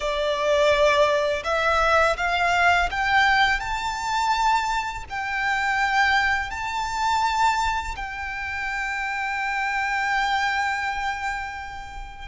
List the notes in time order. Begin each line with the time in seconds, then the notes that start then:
0.00 D5
1.44 E5
2.17 F5
2.90 G5
3.59 A5
5.09 G5
6.50 A5
7.96 G5